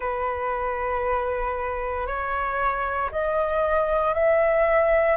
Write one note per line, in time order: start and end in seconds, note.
0.00 2.06 B4
2.06 3.10 C#5
3.11 4.14 D#5
4.14 5.16 E5